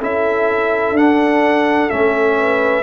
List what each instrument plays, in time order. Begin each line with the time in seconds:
0.00 tuba C#4, trombone E4, horn A4, trumpet E5
0.92 tuba D4, trombone D4, trumpet F#5
1.90 tuba A3, trombone C#4, trumpet E5
2.38 horn B4